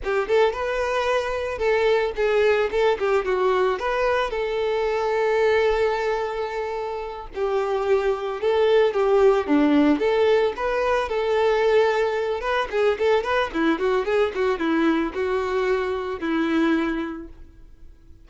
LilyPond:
\new Staff \with { instrumentName = "violin" } { \time 4/4 \tempo 4 = 111 g'8 a'8 b'2 a'4 | gis'4 a'8 g'8 fis'4 b'4 | a'1~ | a'4. g'2 a'8~ |
a'8 g'4 d'4 a'4 b'8~ | b'8 a'2~ a'8 b'8 gis'8 | a'8 b'8 e'8 fis'8 gis'8 fis'8 e'4 | fis'2 e'2 | }